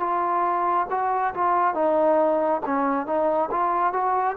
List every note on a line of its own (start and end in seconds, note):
0.00 0.87 F4
0.91 1.34 F#4
1.34 1.75 F4
1.75 2.62 D#4
2.66 3.06 C#4
3.06 3.50 D#4
3.51 3.93 F4
3.93 4.37 F#4